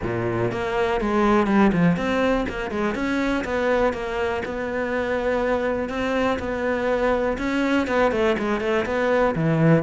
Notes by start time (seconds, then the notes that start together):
0.02 A#2
0.51 A#3
1.00 G#3
1.46 G3
1.72 F3
1.96 C4
2.48 A#3
2.70 G#3
2.95 C#4
3.44 B3
3.93 A#3
4.45 B3
5.89 C4
6.39 B3
7.38 C#4
7.87 B3
8.11 A3
8.38 G#3
8.60 A3
8.85 B3
9.35 E3